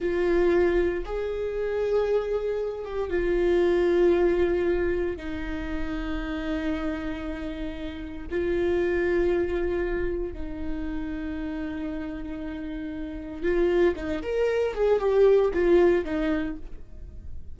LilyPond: \new Staff \with { instrumentName = "viola" } { \time 4/4 \tempo 4 = 116 f'2 gis'2~ | gis'4. g'8 f'2~ | f'2 dis'2~ | dis'1 |
f'1 | dis'1~ | dis'2 f'4 dis'8 ais'8~ | ais'8 gis'8 g'4 f'4 dis'4 | }